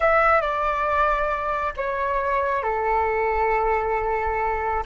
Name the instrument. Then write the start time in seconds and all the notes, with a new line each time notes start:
flute
0.00 E5
0.41 D5
1.76 C#5
2.62 A4